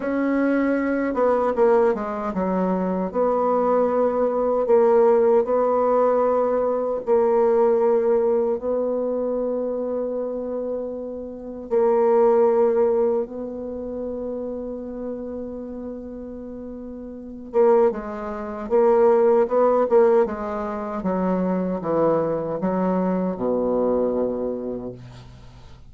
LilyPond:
\new Staff \with { instrumentName = "bassoon" } { \time 4/4 \tempo 4 = 77 cis'4. b8 ais8 gis8 fis4 | b2 ais4 b4~ | b4 ais2 b4~ | b2. ais4~ |
ais4 b2.~ | b2~ b8 ais8 gis4 | ais4 b8 ais8 gis4 fis4 | e4 fis4 b,2 | }